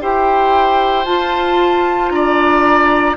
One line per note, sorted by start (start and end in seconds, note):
0.00 1.05 E4
0.00 1.05 G4
0.00 2.12 C5
0.00 1.04 G5
1.04 2.10 F4
1.04 3.16 F4
1.04 2.09 A5
2.09 3.15 D4
2.09 3.16 D5
2.09 3.14 A#5